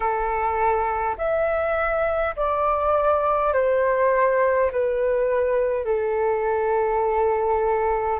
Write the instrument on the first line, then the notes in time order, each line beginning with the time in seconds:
flute
0.00 A4
1.17 E5
2.35 D5
3.53 C5
4.71 B4
5.84 A4